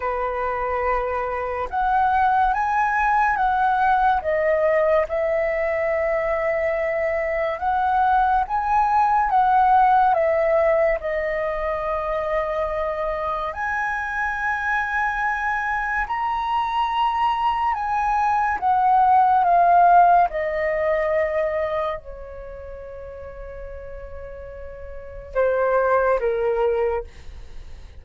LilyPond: \new Staff \with { instrumentName = "flute" } { \time 4/4 \tempo 4 = 71 b'2 fis''4 gis''4 | fis''4 dis''4 e''2~ | e''4 fis''4 gis''4 fis''4 | e''4 dis''2. |
gis''2. ais''4~ | ais''4 gis''4 fis''4 f''4 | dis''2 cis''2~ | cis''2 c''4 ais'4 | }